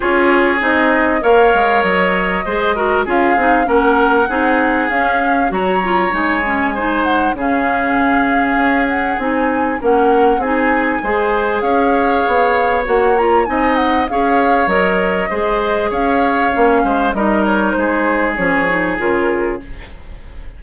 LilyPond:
<<
  \new Staff \with { instrumentName = "flute" } { \time 4/4 \tempo 4 = 98 cis''4 dis''4 f''4 dis''4~ | dis''4 f''4 fis''2 | f''4 ais''4 gis''4. fis''8 | f''2~ f''8 fis''8 gis''4 |
fis''4 gis''2 f''4~ | f''4 fis''8 ais''8 gis''8 fis''8 f''4 | dis''2 f''2 | dis''8 cis''8 c''4 cis''4 ais'4 | }
  \new Staff \with { instrumentName = "oboe" } { \time 4/4 gis'2 cis''2 | c''8 ais'8 gis'4 ais'4 gis'4~ | gis'4 cis''2 c''4 | gis'1 |
ais'4 gis'4 c''4 cis''4~ | cis''2 dis''4 cis''4~ | cis''4 c''4 cis''4. c''8 | ais'4 gis'2. | }
  \new Staff \with { instrumentName = "clarinet" } { \time 4/4 f'4 dis'4 ais'2 | gis'8 fis'8 f'8 dis'8 cis'4 dis'4 | cis'4 fis'8 f'8 dis'8 cis'8 dis'4 | cis'2. dis'4 |
cis'4 dis'4 gis'2~ | gis'4 fis'8 f'8 dis'4 gis'4 | ais'4 gis'2 cis'4 | dis'2 cis'8 dis'8 f'4 | }
  \new Staff \with { instrumentName = "bassoon" } { \time 4/4 cis'4 c'4 ais8 gis8 fis4 | gis4 cis'8 c'8 ais4 c'4 | cis'4 fis4 gis2 | cis2 cis'4 c'4 |
ais4 c'4 gis4 cis'4 | b4 ais4 c'4 cis'4 | fis4 gis4 cis'4 ais8 gis8 | g4 gis4 f4 cis4 | }
>>